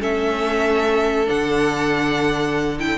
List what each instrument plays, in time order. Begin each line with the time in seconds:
0.00 cello A3, viola C#4, violin A4 E5
1.26 cello D3, viola D4, violin F#5
2.79 viola E4, violin G5